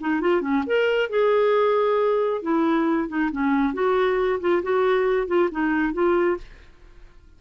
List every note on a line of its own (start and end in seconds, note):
0.00 0.21 D#4
0.21 0.41 F4
0.41 0.63 C#4
0.66 1.09 A#4
1.09 2.42 G#4
2.42 3.08 E4
3.08 3.30 D#4
3.31 3.73 C#4
3.73 4.39 F#4
4.40 4.62 F4
4.62 5.27 F#4
5.27 5.49 F4
5.51 5.93 D#4
5.93 6.37 F4